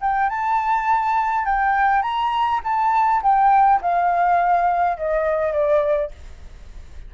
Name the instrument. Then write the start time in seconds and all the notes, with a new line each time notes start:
flute
0.00 G5
0.29 A5
1.45 G5
2.02 A#5
2.63 A5
3.22 G5
3.81 F5
4.97 D#5
5.52 D5